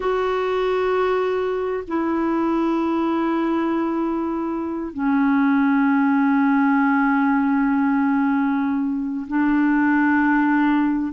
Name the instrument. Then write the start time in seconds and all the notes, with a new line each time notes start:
clarinet
0.00 F#4
1.87 E4
4.93 C#4
9.27 D4